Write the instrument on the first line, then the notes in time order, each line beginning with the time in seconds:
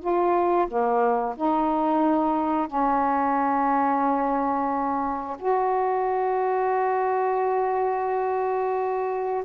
saxophone
0.00 F4
0.68 A#3
1.37 D#4
2.68 C#4
5.39 F#4